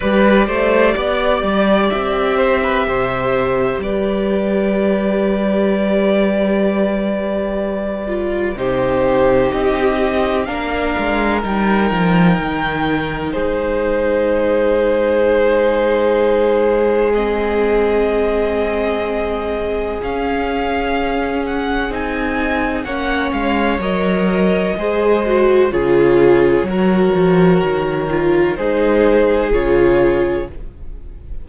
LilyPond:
<<
  \new Staff \with { instrumentName = "violin" } { \time 4/4 \tempo 4 = 63 d''2 e''2 | d''1~ | d''4 c''4 dis''4 f''4 | g''2 c''2~ |
c''2 dis''2~ | dis''4 f''4. fis''8 gis''4 | fis''8 f''8 dis''2 cis''4~ | cis''2 c''4 cis''4 | }
  \new Staff \with { instrumentName = "violin" } { \time 4/4 b'8 c''8 d''4. c''16 b'16 c''4 | b'1~ | b'4 g'2 ais'4~ | ais'2 gis'2~ |
gis'1~ | gis'1 | cis''2 c''4 gis'4 | ais'2 gis'2 | }
  \new Staff \with { instrumentName = "viola" } { \time 4/4 g'1~ | g'1~ | g'8 f'8 dis'2 d'4 | dis'1~ |
dis'2 c'2~ | c'4 cis'2 dis'4 | cis'4 ais'4 gis'8 fis'8 f'4 | fis'4. f'8 dis'4 f'4 | }
  \new Staff \with { instrumentName = "cello" } { \time 4/4 g8 a8 b8 g8 c'4 c4 | g1~ | g4 c4 c'4 ais8 gis8 | g8 f8 dis4 gis2~ |
gis1~ | gis4 cis'2 c'4 | ais8 gis8 fis4 gis4 cis4 | fis8 f8 dis4 gis4 cis4 | }
>>